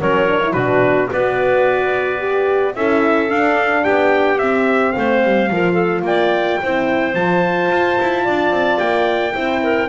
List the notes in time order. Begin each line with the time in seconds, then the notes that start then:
0.00 F#3 C#4 A#4 C#5
0.27 D4
0.43 E4
0.53 B2 D4 F#4 B4
1.09 B3 F#4 B4 D5
2.18 G4
2.75 C#4 E4 A4 E5
3.28 D4 F5
3.83 B3 G4 G5
4.38 C4 E5
4.92 A3 C5 F5
5.23 G3
5.50 F3 F4 A#4
5.73 A4
6.01 A#3 D5 G5
6.62 C4 E4 C5
7.14 F3 F4 A5
7.71 F4
8.00 E4
8.24 D4 D5
8.50 C4
8.79 A#3 G5
9.33 C4 E4 C5
9.63 A#4